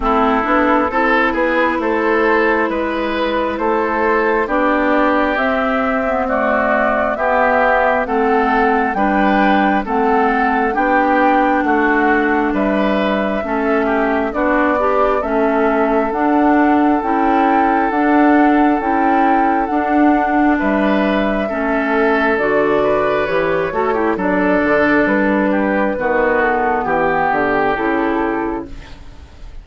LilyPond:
<<
  \new Staff \with { instrumentName = "flute" } { \time 4/4 \tempo 4 = 67 a'4. b'8 c''4 b'4 | c''4 d''4 e''4 d''4 | e''4 fis''4 g''4 fis''4 | g''4 fis''4 e''2 |
d''4 e''4 fis''4 g''4 | fis''4 g''4 fis''4 e''4~ | e''4 d''4 cis''4 d''4 | b'4. a'8 g'4 a'4 | }
  \new Staff \with { instrumentName = "oboe" } { \time 4/4 e'4 a'8 gis'8 a'4 b'4 | a'4 g'2 fis'4 | g'4 a'4 b'4 a'4 | g'4 fis'4 b'4 a'8 g'8 |
fis'8 d'8 a'2.~ | a'2. b'4 | a'4. b'4 a'16 g'16 a'4~ | a'8 g'8 fis'4 g'2 | }
  \new Staff \with { instrumentName = "clarinet" } { \time 4/4 c'8 d'8 e'2.~ | e'4 d'4 c'8. b16 a4 | b4 c'4 d'4 c'4 | d'2. cis'4 |
d'8 g'8 cis'4 d'4 e'4 | d'4 e'4 d'2 | cis'4 fis'4 g'8 fis'16 e'16 d'4~ | d'4 b2 e'4 | }
  \new Staff \with { instrumentName = "bassoon" } { \time 4/4 a8 b8 c'8 b8 a4 gis4 | a4 b4 c'2 | b4 a4 g4 a4 | b4 a4 g4 a4 |
b4 a4 d'4 cis'4 | d'4 cis'4 d'4 g4 | a4 d4 e8 a8 fis8 d8 | g4 dis4 e8 d8 cis4 | }
>>